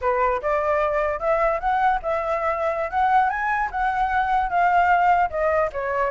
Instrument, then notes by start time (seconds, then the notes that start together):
flute
0.01 B4
0.42 D5
1.19 E5
1.60 F#5
2.02 E5
2.90 F#5
3.29 G#5
3.71 F#5
4.49 F5
5.29 D#5
5.72 C#5